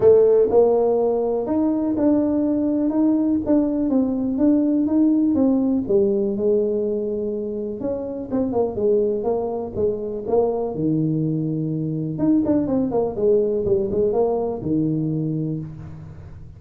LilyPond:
\new Staff \with { instrumentName = "tuba" } { \time 4/4 \tempo 4 = 123 a4 ais2 dis'4 | d'2 dis'4 d'4 | c'4 d'4 dis'4 c'4 | g4 gis2. |
cis'4 c'8 ais8 gis4 ais4 | gis4 ais4 dis2~ | dis4 dis'8 d'8 c'8 ais8 gis4 | g8 gis8 ais4 dis2 | }